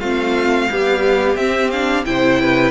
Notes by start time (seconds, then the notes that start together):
0.00 A3 C4 F4 F5
0.69 G3 B3 G4
1.36 C4 E5
1.71 D4 F5
2.06 C3 E4 C5 G5
2.41 B4